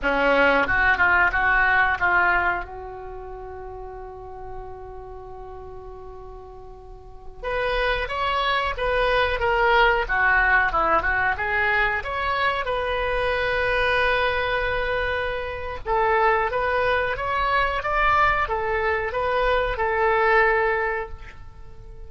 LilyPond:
\new Staff \with { instrumentName = "oboe" } { \time 4/4 \tempo 4 = 91 cis'4 fis'8 f'8 fis'4 f'4 | fis'1~ | fis'2.~ fis'16 b'8.~ | b'16 cis''4 b'4 ais'4 fis'8.~ |
fis'16 e'8 fis'8 gis'4 cis''4 b'8.~ | b'1 | a'4 b'4 cis''4 d''4 | a'4 b'4 a'2 | }